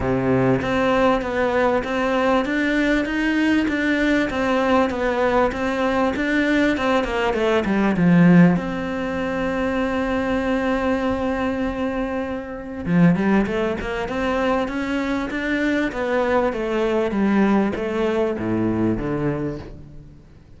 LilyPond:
\new Staff \with { instrumentName = "cello" } { \time 4/4 \tempo 4 = 98 c4 c'4 b4 c'4 | d'4 dis'4 d'4 c'4 | b4 c'4 d'4 c'8 ais8 | a8 g8 f4 c'2~ |
c'1~ | c'4 f8 g8 a8 ais8 c'4 | cis'4 d'4 b4 a4 | g4 a4 a,4 d4 | }